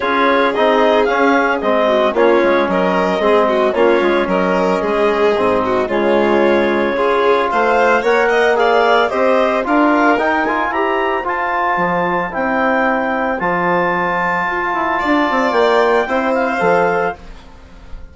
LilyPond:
<<
  \new Staff \with { instrumentName = "clarinet" } { \time 4/4 \tempo 4 = 112 cis''4 dis''4 f''4 dis''4 | cis''4 dis''2 cis''4 | dis''2. cis''4~ | cis''2 f''4 fis''4 |
f''4 dis''4 f''4 g''8 gis''8 | ais''4 a''2 g''4~ | g''4 a''2.~ | a''4 g''4. f''4. | }
  \new Staff \with { instrumentName = "violin" } { \time 4/4 gis'2.~ gis'8 fis'8 | f'4 ais'4 gis'8 fis'8 f'4 | ais'4 gis'4. fis'8 f'4~ | f'4 gis'4 c''4 cis''8 dis''8 |
d''4 c''4 ais'2 | c''1~ | c''1 | d''2 c''2 | }
  \new Staff \with { instrumentName = "trombone" } { \time 4/4 f'4 dis'4 cis'4 c'4 | cis'2 c'4 cis'4~ | cis'2 c'4 gis4~ | gis4 f'2 ais'4 |
gis'4 g'4 f'4 dis'8 f'8 | g'4 f'2 e'4~ | e'4 f'2.~ | f'2 e'4 a'4 | }
  \new Staff \with { instrumentName = "bassoon" } { \time 4/4 cis'4 c'4 cis'4 gis4 | ais8 gis8 fis4 gis4 ais8 gis8 | fis4 gis4 gis,4 cis4~ | cis2 a4 ais4~ |
ais4 c'4 d'4 dis'4 | e'4 f'4 f4 c'4~ | c'4 f2 f'8 e'8 | d'8 c'8 ais4 c'4 f4 | }
>>